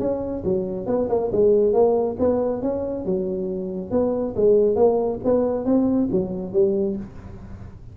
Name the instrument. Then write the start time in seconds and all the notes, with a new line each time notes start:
tuba
0.00 C#4
0.45 F#3
0.87 B3
1.09 A#3
1.32 G#3
1.73 A#3
2.19 B3
2.62 C#4
3.06 F#3
3.91 B3
4.36 G#3
4.76 A#3
5.25 B3
5.66 C4
6.12 F#3
6.53 G3